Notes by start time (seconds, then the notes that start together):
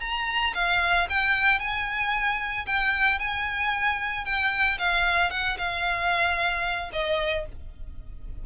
0.00 A#5
0.54 F5
1.09 G5
1.59 G#5
2.66 G5
3.19 G#5
4.25 G5
4.79 F5
5.30 F#5
5.58 F5
6.93 D#5